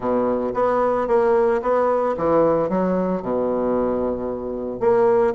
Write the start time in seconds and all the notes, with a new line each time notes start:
0.00 B2
0.54 B3
1.07 A#3
1.62 B3
2.17 E3
2.69 F#3
3.22 B2
4.80 A#3